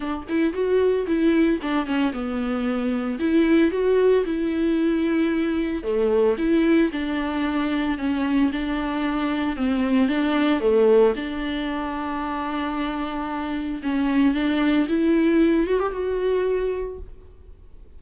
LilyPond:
\new Staff \with { instrumentName = "viola" } { \time 4/4 \tempo 4 = 113 d'8 e'8 fis'4 e'4 d'8 cis'8 | b2 e'4 fis'4 | e'2. a4 | e'4 d'2 cis'4 |
d'2 c'4 d'4 | a4 d'2.~ | d'2 cis'4 d'4 | e'4. fis'16 g'16 fis'2 | }